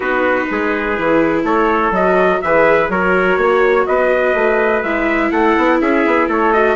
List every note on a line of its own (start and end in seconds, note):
0.00 0.45 B3
0.00 0.97 D#4
0.00 0.48 F#4
0.00 1.43 B4
0.50 0.98 G#3
0.50 1.44 G#4
0.97 1.43 E3
0.97 1.93 E4
1.43 1.91 A3
1.43 2.41 A4
1.43 1.93 C#5
1.91 2.39 F#3
1.91 2.42 F#4
1.91 2.41 D#5
2.41 2.88 E3
2.41 2.91 G#4
2.41 2.91 B4
2.41 2.89 E5
2.88 3.37 F#3
2.88 4.85 F#4
2.88 3.38 A#4
2.88 3.86 C#5
3.37 3.85 A#3
3.37 3.86 C#5
3.86 4.34 B3
3.86 5.32 B4
3.86 4.83 D#5
4.34 4.82 A3
4.82 5.31 G#3
4.82 6.54 E4
4.82 5.31 E5
5.31 5.56 A3
5.31 5.80 A4
5.31 5.79 F#5
5.57 5.81 B3
5.80 6.05 C#4
5.80 6.28 G#4
5.80 6.29 E5
6.06 6.27 B3
6.27 6.76 A3
6.27 6.76 A4
6.27 6.53 C#5
6.53 6.76 F#4
6.53 6.76 D#5